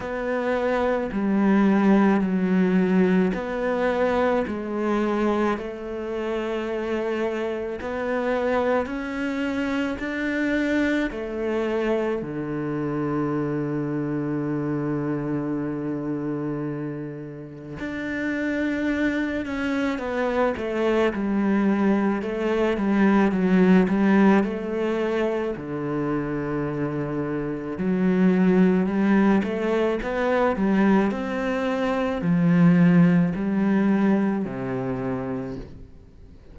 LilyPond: \new Staff \with { instrumentName = "cello" } { \time 4/4 \tempo 4 = 54 b4 g4 fis4 b4 | gis4 a2 b4 | cis'4 d'4 a4 d4~ | d1 |
d'4. cis'8 b8 a8 g4 | a8 g8 fis8 g8 a4 d4~ | d4 fis4 g8 a8 b8 g8 | c'4 f4 g4 c4 | }